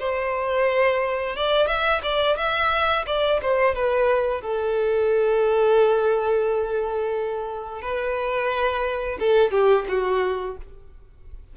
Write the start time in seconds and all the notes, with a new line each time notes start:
0.00 C5
1.36 D5
1.67 E5
2.03 D5
2.37 E5
3.07 D5
3.42 C5
3.75 B4
4.41 A4
7.82 B4
9.20 A4
9.51 G4
9.89 F#4